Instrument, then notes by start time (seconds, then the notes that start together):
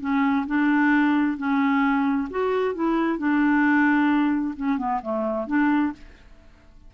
clarinet
0.00 C#4
0.46 D4
1.37 C#4
2.30 F#4
2.75 E4
3.18 D4
4.56 C#4
4.78 B3
5.02 A3
5.47 D4